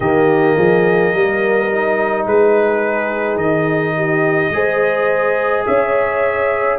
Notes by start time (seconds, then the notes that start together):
0.00 D#3 A#3 G4 D#5
0.56 F3 G#4
1.12 G3 A#4
1.71 D#4
2.25 G#3 G#4 B4
3.36 D#3 D#5
3.95 G4
4.50 G#3 G#4 C5
5.66 C#4 C#5 E5